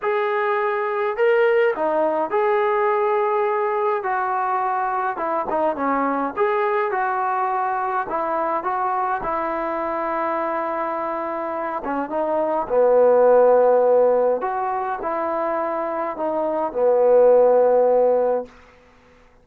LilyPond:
\new Staff \with { instrumentName = "trombone" } { \time 4/4 \tempo 4 = 104 gis'2 ais'4 dis'4 | gis'2. fis'4~ | fis'4 e'8 dis'8 cis'4 gis'4 | fis'2 e'4 fis'4 |
e'1~ | e'8 cis'8 dis'4 b2~ | b4 fis'4 e'2 | dis'4 b2. | }